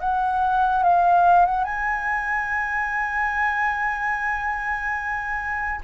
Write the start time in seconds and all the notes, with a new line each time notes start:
0.00 F#5
0.83 F5
1.45 F#5
1.64 G#5